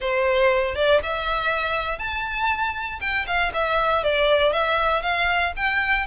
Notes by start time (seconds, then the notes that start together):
0.00 C5
0.75 D5
1.02 E5
1.98 A5
3.00 G5
3.26 F5
3.53 E5
4.03 D5
4.52 E5
5.02 F5
5.56 G5